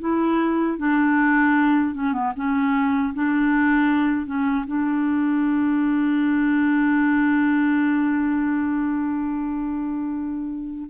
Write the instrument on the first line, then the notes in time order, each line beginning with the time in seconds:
clarinet
0.00 E4
0.78 D4
1.95 C#4
2.13 B3
2.36 C#4
3.14 D4
4.26 C#4
4.67 D4